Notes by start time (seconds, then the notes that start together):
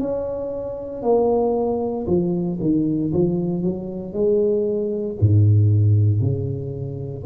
0.00 C#4
1.03 A#3
2.07 F3
2.61 D#3
3.13 F3
3.63 F#3
4.13 G#3
5.21 G#2
6.21 C#3